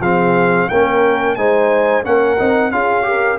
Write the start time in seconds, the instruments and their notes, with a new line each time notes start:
0.00 tuba F3, trombone C4, horn G#4, trumpet F5
0.68 tuba A#3, trombone C#4, horn A#4, trumpet G5
1.35 tuba G#3, trombone D#4, horn C5, trumpet G#5
2.03 tuba A#3, trombone C#4, horn A#4, trumpet F#5
2.38 tuba C4, trombone D#4
2.71 tuba C#4, trombone F4, horn G#4, trumpet F5
3.02 trombone G4, horn A#4